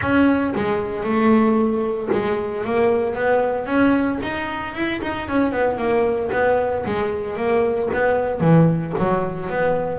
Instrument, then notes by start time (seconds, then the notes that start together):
double bass
0.01 C#4
0.55 G#3
1.03 A3
2.12 G#3
2.64 A#3
3.14 B3
3.66 C#4
4.22 D#4
4.74 E4
5.01 D#4
5.28 C#4
5.52 B3
5.77 A#3
6.32 B3
6.85 G#3
7.36 A#3
7.93 B3
8.40 E3
8.98 F#3
9.49 B3